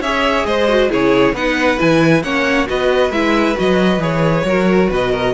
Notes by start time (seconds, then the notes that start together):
0.00 C#4 G#4 C#5 E5
0.45 G#3 C5 D#5
0.69 F#4
0.89 C#3 E4 G#4 C#5
1.33 B3 D#4 B4 F#5
1.78 E3 E4 G#5
2.23 A#3 C#4 C#5 F#5
2.67 B3 F#4 B4 D#5
3.11 G#3 E4 E5
3.56 F#3 F#4 D#5
3.98 E3 G#4 C#5
4.45 F#3 F#4 A#4
4.90 B2 B4 D#5
5.12 A#4